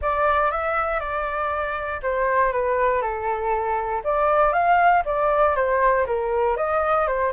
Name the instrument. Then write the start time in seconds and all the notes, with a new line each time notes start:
flute
0.01 D5
0.51 E5
0.99 D5
2.02 C5
2.52 B4
3.01 A4
4.04 D5
4.52 F5
5.05 D5
5.55 C5
6.06 A#4
6.56 D#5
7.07 C5